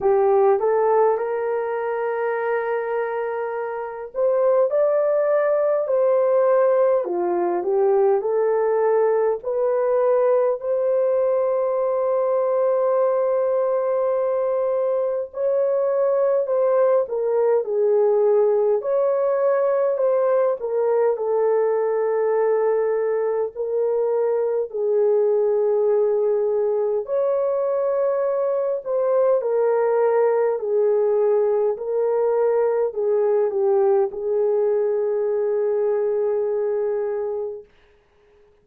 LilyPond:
\new Staff \with { instrumentName = "horn" } { \time 4/4 \tempo 4 = 51 g'8 a'8 ais'2~ ais'8 c''8 | d''4 c''4 f'8 g'8 a'4 | b'4 c''2.~ | c''4 cis''4 c''8 ais'8 gis'4 |
cis''4 c''8 ais'8 a'2 | ais'4 gis'2 cis''4~ | cis''8 c''8 ais'4 gis'4 ais'4 | gis'8 g'8 gis'2. | }